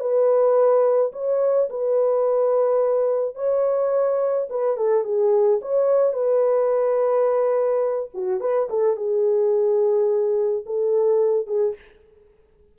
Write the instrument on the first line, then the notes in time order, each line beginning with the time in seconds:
horn
0.00 B4
1.13 C#5
1.69 B4
3.35 C#5
4.49 B4
4.77 A4
5.04 G#4
5.62 C#5
6.13 B4
8.14 F#4
8.40 B4
8.70 A4
8.96 G#4
10.66 A4
11.47 G#4